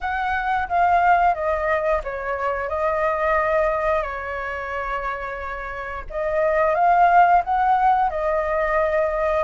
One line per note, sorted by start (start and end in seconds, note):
0.00 0.68 F#5
0.68 1.34 F5
1.34 2.01 D#5
2.03 2.68 C#5
2.68 4.02 D#5
4.02 6.04 C#5
6.09 6.74 D#5
6.74 7.42 F5
7.44 8.09 F#5
8.09 9.44 D#5